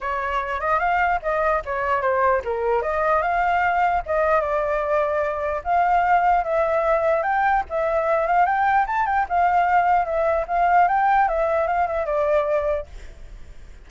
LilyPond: \new Staff \with { instrumentName = "flute" } { \time 4/4 \tempo 4 = 149 cis''4. dis''8 f''4 dis''4 | cis''4 c''4 ais'4 dis''4 | f''2 dis''4 d''4~ | d''2 f''2 |
e''2 g''4 e''4~ | e''8 f''8 g''4 a''8 g''8 f''4~ | f''4 e''4 f''4 g''4 | e''4 f''8 e''8 d''2 | }